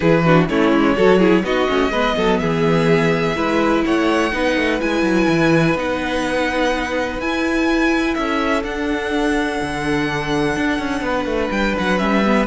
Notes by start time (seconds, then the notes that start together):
0.00 E3 E4 G#4 B4
0.24 D4 F#4
0.48 A3 C#4 E4 C#5
0.72 G#3
0.96 F#3 F#4 A4
1.19 E4 G#4
1.43 B3 D#4 F#4 D#5
1.68 A3 C#4
1.90 G#3 B3 B4
2.16 F#3 A4
2.38 E3 G#4 E5
3.35 G#3 E4 B4
3.85 A3 C#5 F#5
4.32 B3 D#4 B4
4.56 A3
4.80 G#3 E4 G#5
5.02 F#3
5.28 E3
5.75 B3 D#4 F#5
7.19 E4 G#5
8.14 C#4 A4 E5
8.63 D4 F#5
9.61 D3
10.56 D4
10.78 C#4
11.01 B3 B4
11.25 A3
11.50 G3 G5
11.78 F#3 F#5
11.98 G3 C#4 E5
12.25 B3